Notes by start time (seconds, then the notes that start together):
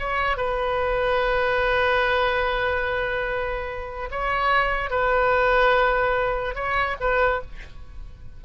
0.00 C#5
0.38 B4
4.12 C#5
4.91 B4
6.55 C#5
7.01 B4